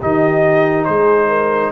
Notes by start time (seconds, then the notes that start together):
0.00 D#3 D#4 G4 D#5
0.84 G#3 G#4 C5
1.28 A#4